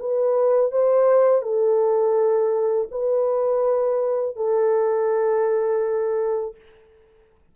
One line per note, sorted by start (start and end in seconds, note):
0.00 0.72 B4
0.72 1.42 C5
1.42 2.89 A4
2.91 4.37 B4
4.37 6.56 A4